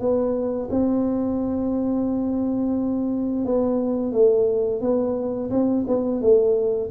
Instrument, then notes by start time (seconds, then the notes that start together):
tuba
0.00 B3
0.71 C4
3.45 B3
4.12 A3
4.81 B3
5.50 C4
5.87 B3
6.21 A3